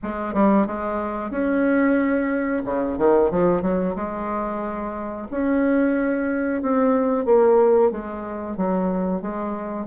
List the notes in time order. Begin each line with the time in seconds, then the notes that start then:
0.02 G#3
0.33 G3
0.67 G#3
1.30 C#4
2.65 C#3
2.98 D#3
3.30 F3
3.61 F#3
3.95 G#3
5.30 C#4
6.61 C4
7.25 A#3
7.91 G#3
8.56 F#3
9.21 G#3